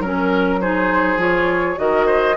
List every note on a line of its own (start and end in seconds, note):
0.00 1.17 F#3
0.00 0.61 C#4
0.00 0.60 A#4
0.00 0.61 A#4
0.61 1.19 D#4
0.61 1.79 G#4
0.61 1.20 C5
1.17 1.76 F3
1.17 1.76 F4
1.17 1.79 C#5
1.76 2.37 D#3
1.76 2.35 F#4
1.76 2.37 D#5
1.82 2.07 A#4
2.07 2.36 C5